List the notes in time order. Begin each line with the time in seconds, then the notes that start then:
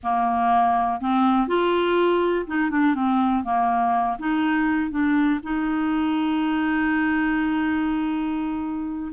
0.03 A#3
1.00 C4
1.47 F4
2.46 D#4
2.70 D4
2.94 C4
3.44 A#3
4.18 D#4
4.90 D4
5.43 D#4